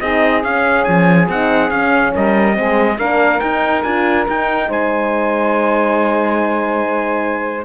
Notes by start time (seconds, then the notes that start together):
0.00 C4 D#4 G#4 D#5
0.44 C#4 F5
0.84 F3 G#5
1.28 C4 D#4 F#5
1.70 C#4 F5
2.14 G3 A#4 D#5
2.53 C4 G#4
2.59 G#3
2.97 A#3 D4 A#4 F5
3.40 D#4 G5
3.82 D4 F4 G#5
4.27 D#4 G5
4.69 G#3 C5 G#5